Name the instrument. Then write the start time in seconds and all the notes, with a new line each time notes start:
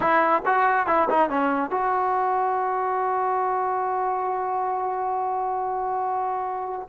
trombone
0.00 E4
0.45 F#4
0.86 E4
1.09 D#4
1.29 C#4
1.70 F#4